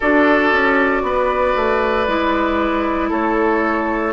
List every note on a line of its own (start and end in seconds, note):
0.00 0.52 D4
0.00 2.07 F#4
0.00 1.02 A4
0.00 3.11 D5
0.52 1.02 C#4
1.02 1.54 B3
1.02 3.09 B4
1.56 2.07 A3
2.07 3.11 G#3
2.07 4.13 E4
3.09 4.13 A3
3.09 4.13 A4
3.09 4.13 C#5